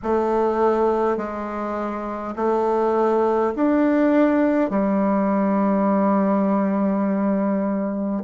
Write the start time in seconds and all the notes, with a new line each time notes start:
0.02 A3
1.17 G#3
2.36 A3
3.55 D4
4.70 G3